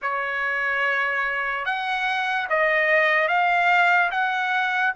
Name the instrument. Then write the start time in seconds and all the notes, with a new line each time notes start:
trumpet
0.02 C#5
1.65 F#5
2.49 D#5
3.28 F5
4.11 F#5